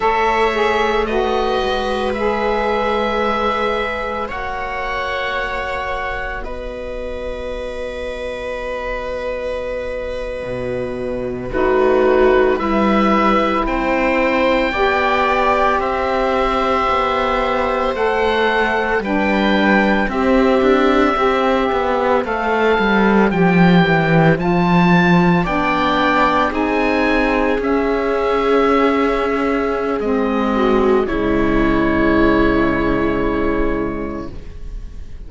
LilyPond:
<<
  \new Staff \with { instrumentName = "oboe" } { \time 4/4 \tempo 4 = 56 e''4 dis''4 e''2 | fis''2 dis''2~ | dis''2~ dis''8. b'4 e''16~ | e''8. g''2 e''4~ e''16~ |
e''8. fis''4 g''4 e''4~ e''16~ | e''8. f''4 g''4 a''4 g''16~ | g''8. gis''4 e''2~ e''16 | dis''4 cis''2. | }
  \new Staff \with { instrumentName = "viola" } { \time 4/4 cis''4 b'2. | cis''2 b'2~ | b'2~ b'8. fis'4 b'16~ | b'8. c''4 d''4 c''4~ c''16~ |
c''4.~ c''16 b'4 g'4 c''16~ | c''2.~ c''8. d''16~ | d''8. gis'2.~ gis'16~ | gis'8 fis'8 e'2. | }
  \new Staff \with { instrumentName = "saxophone" } { \time 4/4 a'8 gis'8 fis'4 gis'2 | fis'1~ | fis'2~ fis'8. dis'4 e'16~ | e'4.~ e'16 g'2~ g'16~ |
g'8. a'4 d'4 c'4 g'16~ | g'8. a'4 g'4 f'4 d'16~ | d'8. dis'4 cis'2~ cis'16 | c'4 gis2. | }
  \new Staff \with { instrumentName = "cello" } { \time 4/4 a4. gis2~ gis8 | ais2 b2~ | b4.~ b16 b,4 a4 g16~ | g8. c'4 b4 c'4 b16~ |
b8. a4 g4 c'8 d'8 c'16~ | c'16 b8 a8 g8 f8 e8 f4 b16~ | b8. c'4 cis'2~ cis'16 | gis4 cis2. | }
>>